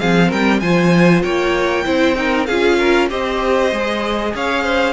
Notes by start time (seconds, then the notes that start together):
0.00 F3 C4 G#4 F5
0.29 G3 A#4 G5
0.60 F3 F4 C5 G#5
1.23 A#3 C#5 G5
1.86 C4 E4 C5
2.16 D#4 A#4
2.46 C#4 F4 G#4 F5
2.79 A#4
3.10 C4 G4 C5 D#5
3.72 G#3 G#4
4.35 C#4 C#5 F5
4.64 C5